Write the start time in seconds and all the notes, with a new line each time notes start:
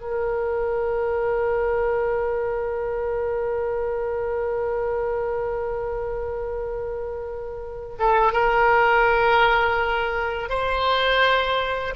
0.00 A#4
7.98 A4
8.32 A#4
10.49 C5